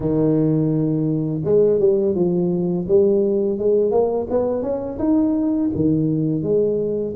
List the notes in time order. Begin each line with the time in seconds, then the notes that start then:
0.00 D#3
1.44 G#3
1.79 G3
2.15 F3
2.88 G3
3.58 G#3
3.91 A#3
4.30 B3
4.62 C#4
4.98 D#4
5.75 D#3
6.43 G#3